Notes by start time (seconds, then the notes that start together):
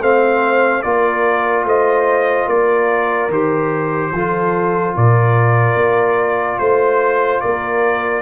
0.00 A3 C4 C5 F5
0.82 A#3 F4 A#4 D5
1.64 A3 C5 D#5
2.46 A#3 A#4 D5
3.28 D#3 G4 C5
4.11 F3 F4 A4
4.95 A#2 A#4 D5
5.75 A#3
6.58 A3 C5
7.40 A#3 A#4 D5